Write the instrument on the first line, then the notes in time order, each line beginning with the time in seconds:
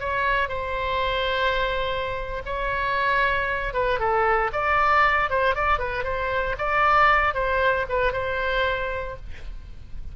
oboe
0.00 C#5
0.49 C5
2.46 C#5
3.74 B4
4.00 A4
4.53 D5
5.30 C5
5.56 D5
5.79 B4
6.04 C5
6.58 D5
7.34 C5
7.89 B4
8.13 C5